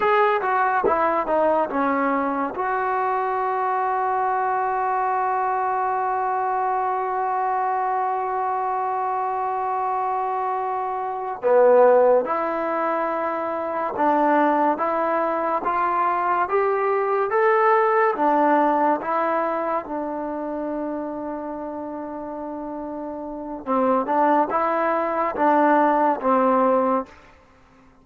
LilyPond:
\new Staff \with { instrumentName = "trombone" } { \time 4/4 \tempo 4 = 71 gis'8 fis'8 e'8 dis'8 cis'4 fis'4~ | fis'1~ | fis'1~ | fis'4. b4 e'4.~ |
e'8 d'4 e'4 f'4 g'8~ | g'8 a'4 d'4 e'4 d'8~ | d'1 | c'8 d'8 e'4 d'4 c'4 | }